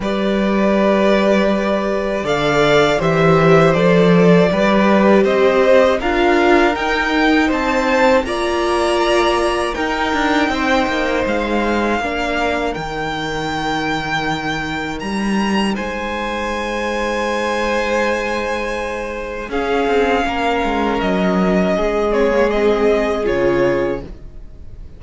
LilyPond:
<<
  \new Staff \with { instrumentName = "violin" } { \time 4/4 \tempo 4 = 80 d''2. f''4 | e''4 d''2 dis''4 | f''4 g''4 a''4 ais''4~ | ais''4 g''2 f''4~ |
f''4 g''2. | ais''4 gis''2.~ | gis''2 f''2 | dis''4. cis''8 dis''4 cis''4 | }
  \new Staff \with { instrumentName = "violin" } { \time 4/4 b'2. d''4 | c''2 b'4 c''4 | ais'2 c''4 d''4~ | d''4 ais'4 c''2 |
ais'1~ | ais'4 c''2.~ | c''2 gis'4 ais'4~ | ais'4 gis'2. | }
  \new Staff \with { instrumentName = "viola" } { \time 4/4 g'2. a'4 | g'4 a'4 g'2 | f'4 dis'2 f'4~ | f'4 dis'2. |
d'4 dis'2.~ | dis'1~ | dis'2 cis'2~ | cis'4. c'16 ais16 c'4 f'4 | }
  \new Staff \with { instrumentName = "cello" } { \time 4/4 g2. d4 | e4 f4 g4 c'4 | d'4 dis'4 c'4 ais4~ | ais4 dis'8 d'8 c'8 ais8 gis4 |
ais4 dis2. | g4 gis2.~ | gis2 cis'8 c'8 ais8 gis8 | fis4 gis2 cis4 | }
>>